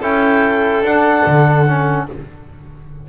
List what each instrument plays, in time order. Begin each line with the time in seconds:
0.00 double bass C#4, trombone E4, violin A4, clarinet G5
0.82 double bass D4, trombone D4, clarinet F#5
1.26 double bass D3
1.67 trombone C#4